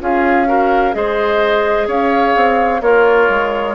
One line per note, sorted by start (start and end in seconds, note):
0.00 0.94 C#4
0.00 0.46 F4
0.00 0.48 G#4
0.00 0.93 F5
0.46 0.92 F#4
0.46 0.95 A#4
0.92 1.87 G#3
0.92 2.79 G#4
0.92 1.87 C5
0.92 1.87 D#5
1.87 2.34 C#4
1.87 2.81 C#5
1.87 2.82 F5
2.35 2.81 C4
2.81 3.28 A#3
2.81 3.74 F4
2.81 3.74 A#4
2.81 3.74 C#5
3.29 3.74 G#3